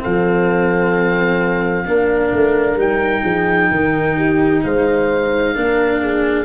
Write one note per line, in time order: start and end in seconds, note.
0.00 1.86 F3
0.00 1.85 C4
0.00 1.86 A4
0.00 2.80 F5
1.86 2.32 A#3
1.86 2.79 D4
1.86 3.23 A#4
2.32 2.76 A3
2.76 3.22 G3
2.76 5.55 D#4
2.76 4.65 G5
3.23 3.70 F3
3.23 3.69 G#4
3.71 4.63 D#3
3.71 4.17 A#4
4.17 4.63 G4
4.64 5.56 G#3
4.64 5.56 C5
4.64 6.45 F5
5.55 6.45 A#3
5.55 6.45 D4
5.55 6.01 A#4
6.01 6.45 G#4